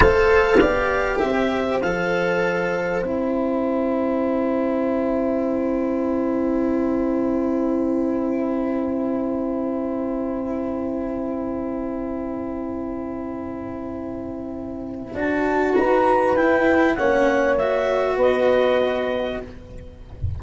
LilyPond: <<
  \new Staff \with { instrumentName = "clarinet" } { \time 4/4 \tempo 4 = 99 f''2 e''4 f''4~ | f''4 g''2.~ | g''1~ | g''1~ |
g''1~ | g''1~ | g''4 a''4 ais''4 g''4 | fis''4 e''4 dis''2 | }
  \new Staff \with { instrumentName = "horn" } { \time 4/4 c''4 d''4 c''2~ | c''1~ | c''1~ | c''1~ |
c''1~ | c''1~ | c''2 b'2 | cis''2 b'2 | }
  \new Staff \with { instrumentName = "cello" } { \time 4/4 a'4 g'2 a'4~ | a'4 e'2.~ | e'1~ | e'1~ |
e'1~ | e'1~ | e'4 fis'2 e'4 | cis'4 fis'2. | }
  \new Staff \with { instrumentName = "tuba" } { \time 4/4 a4 b4 c'4 f4~ | f4 c'2.~ | c'1~ | c'1~ |
c'1~ | c'1~ | c'4 d'4 dis'4 e'4 | ais2 b2 | }
>>